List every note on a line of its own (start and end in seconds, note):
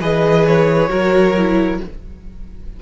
0.00 0.90 E3
0.00 0.88 G#4
0.00 0.90 B4
0.00 0.46 D#5
0.46 1.81 C#5
0.88 1.80 F#3
0.88 1.33 F#4
0.88 1.80 A#4
1.37 1.82 E4